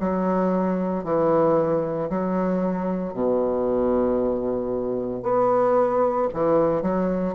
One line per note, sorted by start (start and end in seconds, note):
0.00 1.04 F#3
1.04 2.09 E3
2.10 3.13 F#3
3.13 5.22 B2
5.22 6.28 B3
6.33 6.82 E3
6.82 7.34 F#3